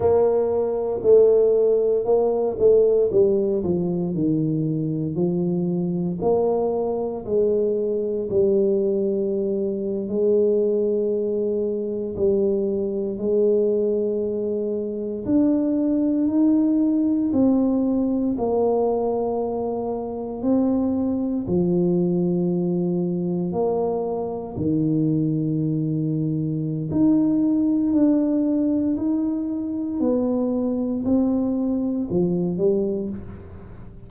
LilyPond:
\new Staff \with { instrumentName = "tuba" } { \time 4/4 \tempo 4 = 58 ais4 a4 ais8 a8 g8 f8 | dis4 f4 ais4 gis4 | g4.~ g16 gis2 g16~ | g8. gis2 d'4 dis'16~ |
dis'8. c'4 ais2 c'16~ | c'8. f2 ais4 dis16~ | dis2 dis'4 d'4 | dis'4 b4 c'4 f8 g8 | }